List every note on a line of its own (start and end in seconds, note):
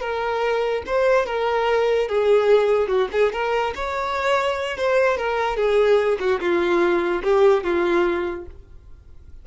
0.00 0.82 A#4
0.86 1.26 C5
1.26 2.08 A#4
2.08 2.87 G#4
2.87 3.08 F#4
3.12 3.32 G#4
3.32 3.73 A#4
3.75 4.77 C#5
4.77 5.17 C5
5.17 5.56 A#4
5.56 6.18 G#4
6.19 6.40 F#4
6.40 7.22 F4
7.23 7.63 G4
7.63 8.45 F4